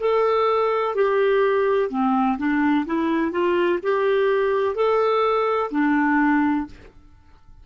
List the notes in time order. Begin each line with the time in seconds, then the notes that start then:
0.00 A4
0.95 G4
1.90 C4
2.38 D4
2.86 E4
3.32 F4
3.83 G4
4.75 A4
5.71 D4